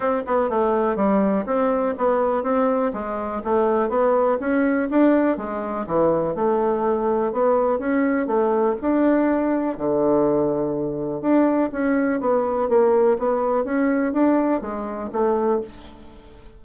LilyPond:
\new Staff \with { instrumentName = "bassoon" } { \time 4/4 \tempo 4 = 123 c'8 b8 a4 g4 c'4 | b4 c'4 gis4 a4 | b4 cis'4 d'4 gis4 | e4 a2 b4 |
cis'4 a4 d'2 | d2. d'4 | cis'4 b4 ais4 b4 | cis'4 d'4 gis4 a4 | }